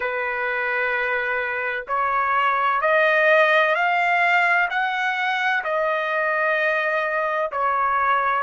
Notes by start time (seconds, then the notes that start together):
0.00 B4
1.87 C#5
2.81 D#5
3.75 F5
4.70 F#5
5.63 D#5
7.51 C#5